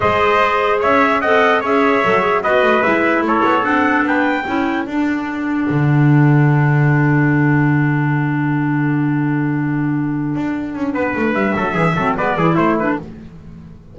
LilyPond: <<
  \new Staff \with { instrumentName = "trumpet" } { \time 4/4 \tempo 4 = 148 dis''2 e''4 fis''4 | e''2 dis''4 e''4 | cis''4 fis''4 g''2 | fis''1~ |
fis''1~ | fis''1~ | fis''1 | e''2 d''4 c''8 b'8 | }
  \new Staff \with { instrumentName = "trumpet" } { \time 4/4 c''2 cis''4 dis''4 | cis''2 b'2 | a'2 b'4 a'4~ | a'1~ |
a'1~ | a'1~ | a'2. b'4~ | b'8 a'8 gis'8 a'8 b'8 gis'8 e'4 | }
  \new Staff \with { instrumentName = "clarinet" } { \time 4/4 gis'2. a'4 | gis'4 a'8 gis'8 fis'4 e'4~ | e'4 d'2 e'4 | d'1~ |
d'1~ | d'1~ | d'1~ | d'4. c'8 b8 e'4 d'8 | }
  \new Staff \with { instrumentName = "double bass" } { \time 4/4 gis2 cis'4 c'4 | cis'4 fis4 b8 a8 gis4 | a8 b8 c'4 b4 cis'4 | d'2 d2~ |
d1~ | d1~ | d4. d'4 cis'8 b8 a8 | g8 fis8 e8 fis8 gis8 e8 a4 | }
>>